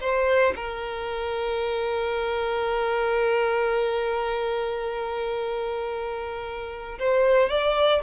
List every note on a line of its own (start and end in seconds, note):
0.00 0.54 C5
0.56 6.99 A#4
6.99 7.49 C5
7.49 8.03 D5